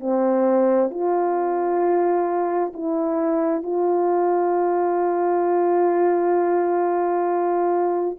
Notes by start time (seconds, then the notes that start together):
0.00 C4
0.90 F4
2.74 E4
3.63 F4